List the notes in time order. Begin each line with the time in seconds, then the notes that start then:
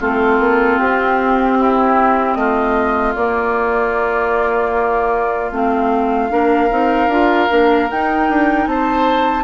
0.00 A3 C4 F4 A4
0.39 A#3
0.79 C4 G4
1.59 E4
2.34 A3 F4 D#5
3.15 A#3 D5
5.51 A3 C4 F5
6.29 A#3 D4 A#4
6.70 C4 D#4
7.07 D4 F4
7.49 A#3 D4
7.90 D#4 G5
8.29 D4
8.66 C4 C5 A5